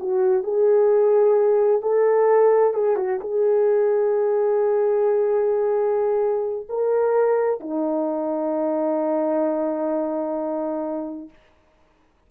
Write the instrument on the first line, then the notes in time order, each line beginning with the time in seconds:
horn
0.00 F#4
0.44 G#4
1.82 A4
2.74 G#4
2.97 F#4
3.21 G#4
6.69 A#4
7.60 D#4